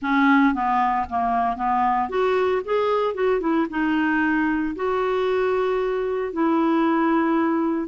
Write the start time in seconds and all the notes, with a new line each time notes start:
0.02 C#4
0.54 B3
1.09 A#3
1.56 B3
2.09 F#4
2.64 G#4
3.14 F#4
3.40 E4
3.70 D#4
4.75 F#4
6.32 E4